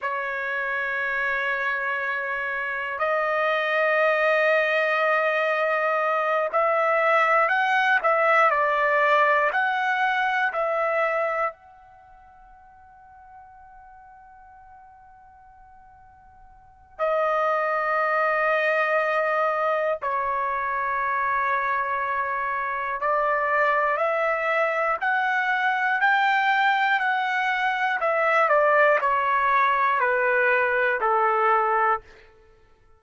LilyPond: \new Staff \with { instrumentName = "trumpet" } { \time 4/4 \tempo 4 = 60 cis''2. dis''4~ | dis''2~ dis''8 e''4 fis''8 | e''8 d''4 fis''4 e''4 fis''8~ | fis''1~ |
fis''4 dis''2. | cis''2. d''4 | e''4 fis''4 g''4 fis''4 | e''8 d''8 cis''4 b'4 a'4 | }